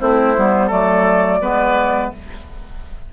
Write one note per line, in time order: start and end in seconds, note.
0.00 0.37 A3
0.00 0.35 C4
0.00 0.67 E4
0.00 0.70 C5
0.36 0.71 G3
0.36 0.70 B3
0.67 1.41 F#3
0.67 1.40 A3
0.67 1.38 A4
0.67 2.11 D5
1.41 2.11 G#3
1.41 2.13 B3
1.41 2.12 B4